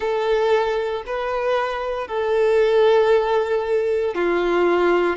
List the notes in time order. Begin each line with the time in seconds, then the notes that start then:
0.00 A4
1.06 B4
2.07 A4
4.14 F4